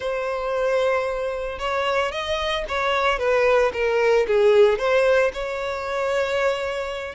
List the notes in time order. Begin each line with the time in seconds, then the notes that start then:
0.00 C5
1.58 C#5
2.11 D#5
2.68 C#5
3.18 B4
3.73 A#4
4.27 G#4
4.78 C5
5.33 C#5